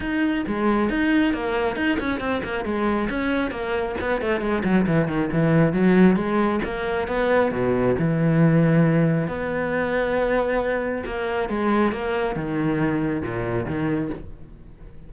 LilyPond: \new Staff \with { instrumentName = "cello" } { \time 4/4 \tempo 4 = 136 dis'4 gis4 dis'4 ais4 | dis'8 cis'8 c'8 ais8 gis4 cis'4 | ais4 b8 a8 gis8 fis8 e8 dis8 | e4 fis4 gis4 ais4 |
b4 b,4 e2~ | e4 b2.~ | b4 ais4 gis4 ais4 | dis2 ais,4 dis4 | }